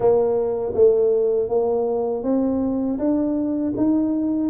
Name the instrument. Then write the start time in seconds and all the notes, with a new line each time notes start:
tuba
0.00 A#3
0.74 A3
1.48 A#3
2.23 C4
2.98 D4
3.76 D#4